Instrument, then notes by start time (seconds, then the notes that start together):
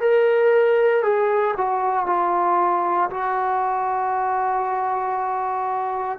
trombone
0.00 A#4
1.03 G#4
1.57 F#4
2.06 F4
3.10 F#4